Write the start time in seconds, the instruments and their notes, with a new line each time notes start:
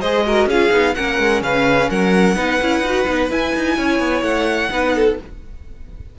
0.00 cello G#3, viola G#4, violin C5 D#5
0.26 viola F#4, violin A#4
0.46 cello C#4, viola F4, violin G#4 F5
0.71 cello B3, viola D#4
0.94 cello A#3, viola C#4, violin A#4 F#5
1.19 cello G#3
1.42 cello C#3, violin B4 F5
1.90 cello F#3, violin A#4 F#5
2.35 cello B3, viola D#4, violin B4
2.61 cello C#4, viola E4
2.80 cello D#4, viola F#4
3.06 cello B3, viola D#4
3.29 viola E4, cello E4, violin G#5
3.55 cello D#4
3.76 cello C#4, violin C#5
3.99 cello B3
4.22 cello A3, violin F#5
4.69 cello B3, viola D#4, violin B4
4.95 violin A4